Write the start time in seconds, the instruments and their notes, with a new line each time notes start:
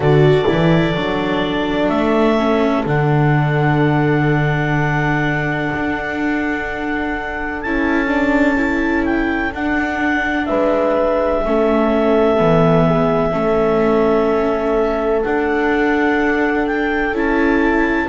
0.00 double bass D3, viola F#4, horn A4, clarinet D5
0.46 double bass E3, viola E4
0.94 double bass F#3, viola D4
1.88 double bass A3, clarinet E5
2.37 viola C#4
2.85 double bass D3, viola D4, clarinet F#5
5.74 double bass D4
7.61 double bass C#4, viola E4, clarinet A5
8.07 viola D4
8.56 viola E4
9.05 clarinet G5
9.52 double bass D4, viola D4, clarinet F#5
10.45 double bass G#3, horn B4, clarinet E5
11.45 double bass A3, viola C#4, horn A4
12.36 double bass E3, viola B3
12.87 horn G#4
13.31 double bass A3, viola C#4, horn A4
15.23 viola D4, double bass D4, clarinet F#5
16.66 clarinet G5
17.11 double bass C#4, viola E4
17.17 clarinet A5